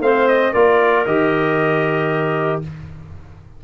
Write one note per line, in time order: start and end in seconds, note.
0.00 0.52 A3
0.00 0.54 C4
0.00 0.53 C5
0.00 0.28 F5
0.28 0.53 D#5
0.53 1.06 A#3
0.53 1.06 F4
0.53 2.62 A#4
0.53 1.05 D5
1.06 2.63 D#3
1.06 2.64 G4
1.06 2.62 D#5